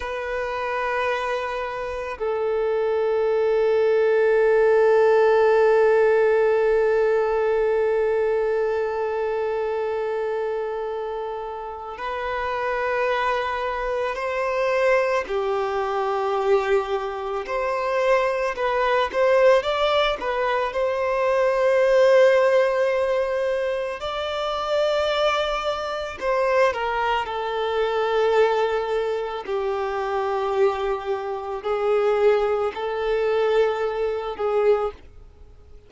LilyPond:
\new Staff \with { instrumentName = "violin" } { \time 4/4 \tempo 4 = 55 b'2 a'2~ | a'1~ | a'2. b'4~ | b'4 c''4 g'2 |
c''4 b'8 c''8 d''8 b'8 c''4~ | c''2 d''2 | c''8 ais'8 a'2 g'4~ | g'4 gis'4 a'4. gis'8 | }